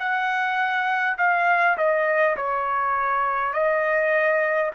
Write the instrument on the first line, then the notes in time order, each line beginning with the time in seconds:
trumpet
0.00 F#5
1.19 F5
1.78 D#5
2.37 C#5
3.54 D#5